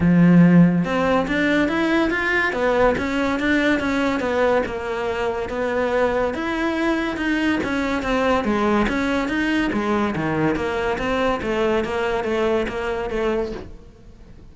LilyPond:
\new Staff \with { instrumentName = "cello" } { \time 4/4 \tempo 4 = 142 f2 c'4 d'4 | e'4 f'4 b4 cis'4 | d'4 cis'4 b4 ais4~ | ais4 b2 e'4~ |
e'4 dis'4 cis'4 c'4 | gis4 cis'4 dis'4 gis4 | dis4 ais4 c'4 a4 | ais4 a4 ais4 a4 | }